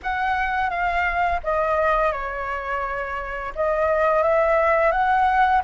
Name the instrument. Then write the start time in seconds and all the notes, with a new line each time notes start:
flute
0.02 F#5
0.70 F5
1.43 D#5
2.11 C#5
3.55 D#5
4.22 E5
4.91 F#5